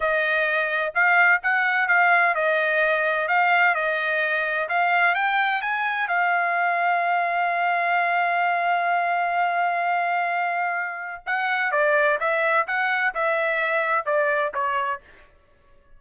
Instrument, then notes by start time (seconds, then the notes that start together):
trumpet
0.00 D#5
0.94 F5
1.42 F#5
1.88 F5
2.34 D#5
3.28 F5
3.74 D#5
4.69 F5
5.14 G5
5.61 G#5
6.07 F5
11.26 F#5
11.71 D5
12.19 E5
12.67 F#5
13.14 E5
14.05 D5
14.54 C#5